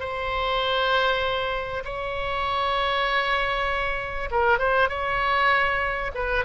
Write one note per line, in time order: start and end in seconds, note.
0.00 1.84 C5
1.85 4.30 C#5
4.31 4.59 A#4
4.59 4.89 C5
4.89 6.12 C#5
6.15 6.45 B4